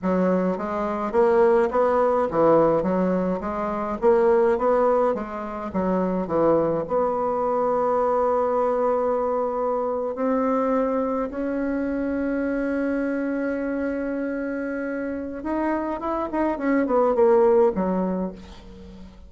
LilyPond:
\new Staff \with { instrumentName = "bassoon" } { \time 4/4 \tempo 4 = 105 fis4 gis4 ais4 b4 | e4 fis4 gis4 ais4 | b4 gis4 fis4 e4 | b1~ |
b4.~ b16 c'2 cis'16~ | cis'1~ | cis'2. dis'4 | e'8 dis'8 cis'8 b8 ais4 fis4 | }